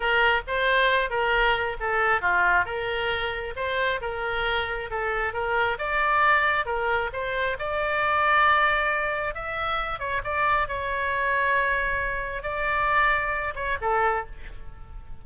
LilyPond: \new Staff \with { instrumentName = "oboe" } { \time 4/4 \tempo 4 = 135 ais'4 c''4. ais'4. | a'4 f'4 ais'2 | c''4 ais'2 a'4 | ais'4 d''2 ais'4 |
c''4 d''2.~ | d''4 e''4. cis''8 d''4 | cis''1 | d''2~ d''8 cis''8 a'4 | }